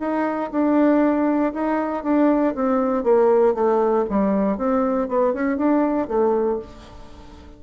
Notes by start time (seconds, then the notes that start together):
0.00 D#4
0.52 D4
1.54 D#4
2.04 D4
2.55 C4
3.04 A#3
3.55 A3
4.10 G3
4.58 C4
5.09 B3
5.34 C#4
5.58 D4
6.09 A3